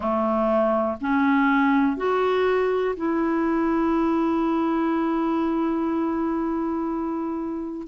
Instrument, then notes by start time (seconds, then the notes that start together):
clarinet
0.00 A3
1.00 C#4
1.96 F#4
2.96 E4